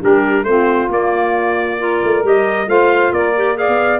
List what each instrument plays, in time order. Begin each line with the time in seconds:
0.00 tuba G3, clarinet D4, saxophone G4, trumpet A#4
0.44 tuba A3, clarinet C4, saxophone F4, trumpet C5
0.89 clarinet A#3, tuba A#3, trumpet D5
1.79 clarinet F4, saxophone A#4
2.03 tuba A3
2.23 tuba G3, clarinet G4, trumpet D#5
2.67 tuba A3, clarinet F4, saxophone C5, trumpet F5
3.12 tuba A#3, saxophone A#4, trumpet D5
3.36 clarinet G4
3.55 clarinet G#4, saxophone D5, trumpet F5
3.68 tuba B3